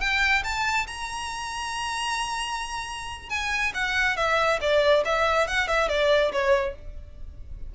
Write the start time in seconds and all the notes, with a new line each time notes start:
0.00 G5
0.43 A5
0.87 A#5
3.29 G#5
3.74 F#5
4.16 E5
4.61 D5
5.05 E5
5.47 F#5
5.67 E5
5.89 D5
6.32 C#5